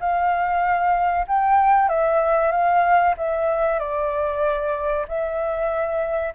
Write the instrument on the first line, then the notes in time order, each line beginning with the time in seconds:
flute
0.00 F5
1.28 G5
1.89 E5
2.52 F5
3.17 E5
3.79 D5
5.08 E5